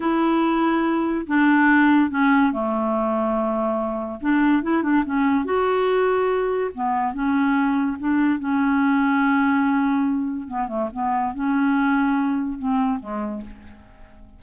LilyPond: \new Staff \with { instrumentName = "clarinet" } { \time 4/4 \tempo 4 = 143 e'2. d'4~ | d'4 cis'4 a2~ | a2 d'4 e'8 d'8 | cis'4 fis'2. |
b4 cis'2 d'4 | cis'1~ | cis'4 b8 a8 b4 cis'4~ | cis'2 c'4 gis4 | }